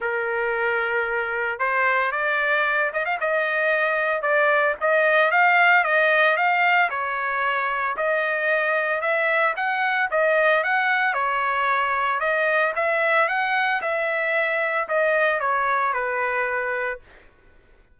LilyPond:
\new Staff \with { instrumentName = "trumpet" } { \time 4/4 \tempo 4 = 113 ais'2. c''4 | d''4. dis''16 f''16 dis''2 | d''4 dis''4 f''4 dis''4 | f''4 cis''2 dis''4~ |
dis''4 e''4 fis''4 dis''4 | fis''4 cis''2 dis''4 | e''4 fis''4 e''2 | dis''4 cis''4 b'2 | }